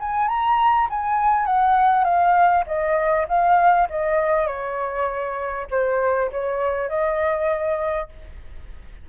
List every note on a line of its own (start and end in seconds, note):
0.00 0.28 G#5
0.28 0.88 A#5
0.90 1.46 G#5
1.46 2.05 F#5
2.05 2.65 F5
2.67 3.27 D#5
3.28 3.88 F5
3.89 4.47 D#5
4.47 5.67 C#5
5.71 6.31 C5
6.31 6.89 C#5
6.89 8.09 D#5